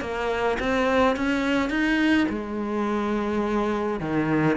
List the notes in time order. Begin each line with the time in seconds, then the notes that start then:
0.00 A#3
0.59 C4
1.16 C#4
1.70 D#4
2.29 G#3
4.00 D#3